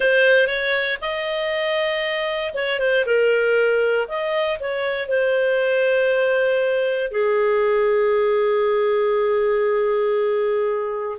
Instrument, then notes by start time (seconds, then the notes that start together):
clarinet
0.00 C5
0.47 C#5
1.01 D#5
2.54 C#5
2.79 C5
3.06 A#4
4.08 D#5
4.59 C#5
5.08 C5
7.11 G#4